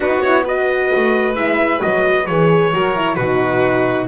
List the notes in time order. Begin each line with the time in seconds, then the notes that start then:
0.00 B3 D#4 F#4 B4
0.21 E4 C#5
0.44 F#4 B4 D#5
0.95 A3
1.35 G#3 E4 E5
1.81 F#3 F#4 D#5
2.26 E3 G#4 C#5
2.73 F#3 F#4 A#4
2.95 E4
3.15 B2 D#4 F#4 B4